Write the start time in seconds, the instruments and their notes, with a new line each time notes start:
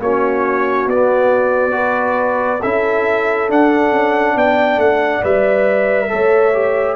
0.00 tuba A#3, trombone C#4, horn F#4, trumpet C#5
0.87 tuba B3, trombone B3, trumpet D5
1.72 trombone F#4, horn B4
2.61 tuba C#4, trombone E4, horn A4, trumpet E5
3.49 trombone D4, tuba D4, trumpet F#5
3.92 tuba C#4
4.36 tuba B3, horn D5, trumpet G5
4.78 tuba A3, trumpet F#5
5.23 tuba G3, trombone B4, trumpet E5
6.09 tuba A3, trombone A4, horn C#5
6.54 trombone G4